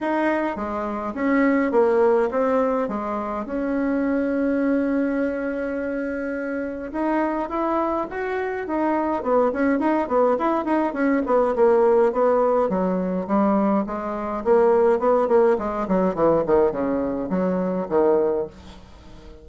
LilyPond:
\new Staff \with { instrumentName = "bassoon" } { \time 4/4 \tempo 4 = 104 dis'4 gis4 cis'4 ais4 | c'4 gis4 cis'2~ | cis'1 | dis'4 e'4 fis'4 dis'4 |
b8 cis'8 dis'8 b8 e'8 dis'8 cis'8 b8 | ais4 b4 fis4 g4 | gis4 ais4 b8 ais8 gis8 fis8 | e8 dis8 cis4 fis4 dis4 | }